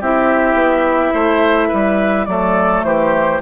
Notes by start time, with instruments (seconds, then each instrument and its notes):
0.00 bassoon C4, clarinet E4, oboe G4, flute E5
0.54 bassoon B3
1.13 bassoon A3, oboe C5
1.68 bassoon G3, oboe B4
2.25 bassoon F#3, clarinet A3, oboe A4, flute D5
2.83 bassoon E3, oboe G4, flute C5